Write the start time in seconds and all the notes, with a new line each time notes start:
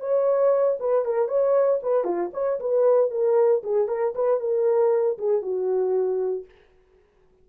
0.00 C#5
0.80 B4
1.05 A#4
1.28 C#5
1.83 B4
2.04 F4
2.33 C#5
2.60 B4
3.11 A#4
3.63 G#4
3.88 A#4
4.15 B4
4.40 A#4
5.18 G#4
5.42 F#4